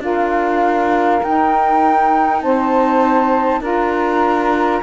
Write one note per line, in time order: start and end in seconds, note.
0.00 1.21 D4
0.00 1.20 F4
0.00 2.43 A#4
0.00 1.24 F5
1.23 3.61 D#4
1.23 2.42 D#4
1.23 2.42 G5
2.42 3.62 C4
2.42 3.61 C5
2.42 3.62 A5
3.61 4.81 D4
3.61 4.82 F4
3.61 4.81 A#4
3.61 4.83 A#5